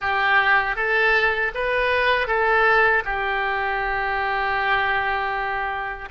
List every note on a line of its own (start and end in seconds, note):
0.01 0.76 G4
0.76 1.52 A4
1.54 2.27 B4
2.27 3.03 A4
3.04 6.08 G4